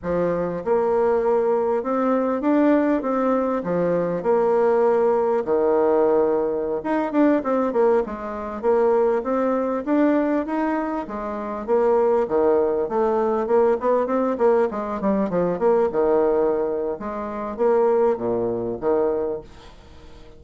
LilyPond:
\new Staff \with { instrumentName = "bassoon" } { \time 4/4 \tempo 4 = 99 f4 ais2 c'4 | d'4 c'4 f4 ais4~ | ais4 dis2~ dis16 dis'8 d'16~ | d'16 c'8 ais8 gis4 ais4 c'8.~ |
c'16 d'4 dis'4 gis4 ais8.~ | ais16 dis4 a4 ais8 b8 c'8 ais16~ | ais16 gis8 g8 f8 ais8 dis4.~ dis16 | gis4 ais4 ais,4 dis4 | }